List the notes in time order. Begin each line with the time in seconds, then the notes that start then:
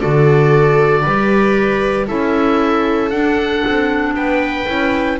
0.00 D3 F#4 A4 D5
1.03 G3 G4 B4
2.07 C#4 E4 A4 E5
3.10 D4 F#5
3.66 C4
4.15 B3 B4 G5
4.66 C#4 E4